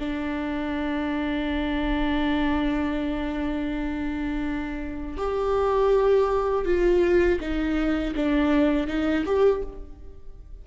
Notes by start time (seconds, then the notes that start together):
0.00 D4
5.18 G4
6.66 F4
7.41 D#4
8.16 D4
8.88 D#4
9.26 G4